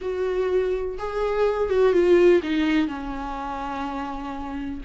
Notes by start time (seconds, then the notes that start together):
0.01 F#4
0.98 G#4
1.69 F#4
1.92 F4
2.42 D#4
2.87 C#4